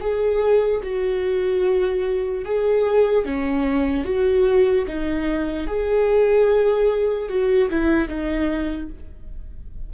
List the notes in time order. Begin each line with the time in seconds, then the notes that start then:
0.00 G#4
0.83 F#4
2.45 G#4
3.25 C#4
4.05 F#4
4.87 D#4
5.67 G#4
7.29 F#4
7.70 E4
8.08 D#4